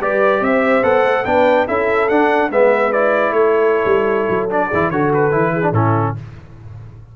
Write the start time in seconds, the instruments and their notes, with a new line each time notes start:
0.00 tuba G3, trombone G4, horn B4, trumpet D5
0.41 tuba C4, horn C5, trumpet E5
0.83 tuba B3, trombone A4, trumpet F#5
1.04 tuba A3
1.24 tuba B3, trombone D4, horn B4, trumpet G5
1.66 tuba C#4, trombone E4, horn A4, trumpet E5
2.08 trombone D4, tuba D4, trumpet F#5
2.50 tuba G#3, trombone B3, horn B4, trumpet E5
2.92 trombone E4, trumpet D5
3.31 tuba A3, horn A4, trumpet C#5
3.85 tuba G3
4.29 tuba F#3
4.49 trombone D4, trumpet D5
4.67 tuba E3, horn G#4
4.74 trombone E4
4.90 tuba D3, trombone F#4, horn A4, trumpet C#5
5.13 trumpet B4
5.31 tuba E3, trombone E4
5.52 horn G#4
5.62 trombone D4
5.72 tuba A2, trombone C#4, horn E4, trumpet A4